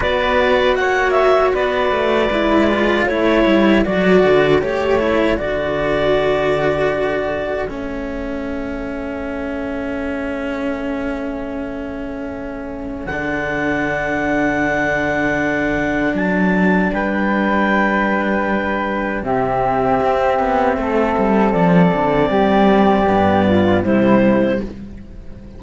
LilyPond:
<<
  \new Staff \with { instrumentName = "clarinet" } { \time 4/4 \tempo 4 = 78 d''4 fis''8 e''8 d''2 | cis''4 d''4 cis''4 d''4~ | d''2 e''2~ | e''1~ |
e''4 fis''2.~ | fis''4 a''4 g''2~ | g''4 e''2. | d''2. c''4 | }
  \new Staff \with { instrumentName = "flute" } { \time 4/4 b'4 cis''4 b'2 | a'1~ | a'1~ | a'1~ |
a'1~ | a'2 b'2~ | b'4 g'2 a'4~ | a'4 g'4. f'8 e'4 | }
  \new Staff \with { instrumentName = "cello" } { \time 4/4 fis'2. e'8 f'8 | e'4 fis'4 g'8 e'8 fis'4~ | fis'2 cis'2~ | cis'1~ |
cis'4 d'2.~ | d'1~ | d'4 c'2.~ | c'2 b4 g4 | }
  \new Staff \with { instrumentName = "cello" } { \time 4/4 b4 ais4 b8 a8 gis4 | a8 g8 fis8 d8 a4 d4~ | d2 a2~ | a1~ |
a4 d2.~ | d4 fis4 g2~ | g4 c4 c'8 b8 a8 g8 | f8 d8 g4 g,4 c4 | }
>>